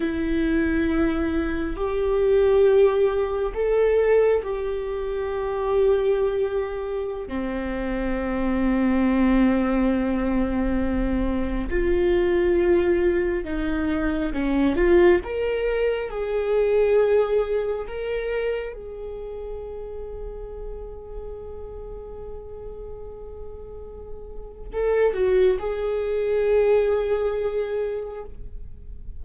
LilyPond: \new Staff \with { instrumentName = "viola" } { \time 4/4 \tempo 4 = 68 e'2 g'2 | a'4 g'2.~ | g'16 c'2.~ c'8.~ | c'4~ c'16 f'2 dis'8.~ |
dis'16 cis'8 f'8 ais'4 gis'4.~ gis'16~ | gis'16 ais'4 gis'2~ gis'8.~ | gis'1 | a'8 fis'8 gis'2. | }